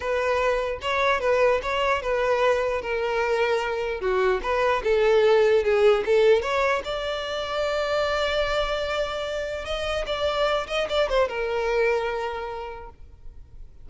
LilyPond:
\new Staff \with { instrumentName = "violin" } { \time 4/4 \tempo 4 = 149 b'2 cis''4 b'4 | cis''4 b'2 ais'4~ | ais'2 fis'4 b'4 | a'2 gis'4 a'4 |
cis''4 d''2.~ | d''1 | dis''4 d''4. dis''8 d''8 c''8 | ais'1 | }